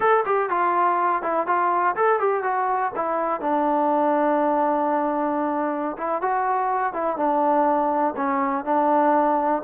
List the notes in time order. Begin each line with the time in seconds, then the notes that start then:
0.00 A4
0.25 G4
0.49 F4
1.22 E4
1.47 F4
1.96 A4
2.19 G4
2.43 F#4
2.95 E4
3.40 D4
5.97 E4
6.21 F#4
6.93 E4
7.16 D4
8.16 C#4
8.65 D4